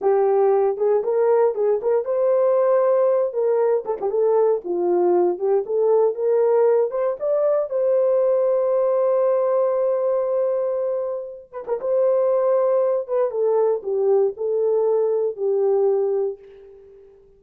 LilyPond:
\new Staff \with { instrumentName = "horn" } { \time 4/4 \tempo 4 = 117 g'4. gis'8 ais'4 gis'8 ais'8 | c''2~ c''8 ais'4 a'16 g'16 | a'4 f'4. g'8 a'4 | ais'4. c''8 d''4 c''4~ |
c''1~ | c''2~ c''8 b'16 ais'16 c''4~ | c''4. b'8 a'4 g'4 | a'2 g'2 | }